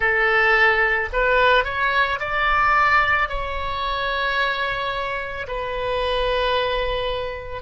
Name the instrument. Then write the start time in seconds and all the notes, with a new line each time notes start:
oboe
0.00 A4
1.12 B4
1.64 C#5
2.19 D5
3.28 C#5
5.47 B4